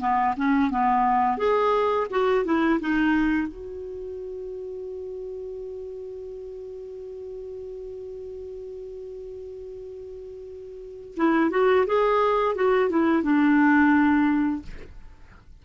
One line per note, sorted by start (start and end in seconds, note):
0.00 0.35 B3
0.37 0.71 C#4
0.71 1.38 B3
1.38 2.07 G#4
2.11 2.45 F#4
2.45 2.80 E4
2.80 3.48 D#4
3.48 11.15 F#4
11.16 11.51 E4
11.51 11.86 F#4
11.86 12.55 G#4
12.55 12.90 F#4
12.90 13.23 E4
13.23 14.63 D4